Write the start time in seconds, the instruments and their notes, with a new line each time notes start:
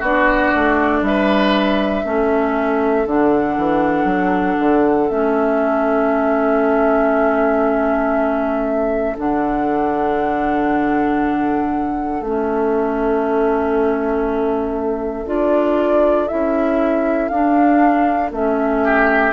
0.00 bassoon B3, clarinet D4, oboe F#4, flute D5
0.56 bassoon A3
1.02 bassoon G3, oboe B4, flute E5
2.05 bassoon A3, clarinet C#4, oboe A4
3.06 bassoon D3, clarinet D4, flute F#5
3.58 bassoon E3
4.05 bassoon F#3
4.60 bassoon D3
5.09 bassoon A3, clarinet C#4, flute E5
9.18 bassoon D3, clarinet D4, flute F#5
12.21 bassoon A3, clarinet C#4, flute E5
15.26 bassoon D4, clarinet F4, flute D5
16.28 bassoon C#4, clarinet E4, flute E5
17.29 bassoon D4, clarinet D4, flute F5
18.32 bassoon A3, clarinet C#4, flute E5
18.85 oboe G4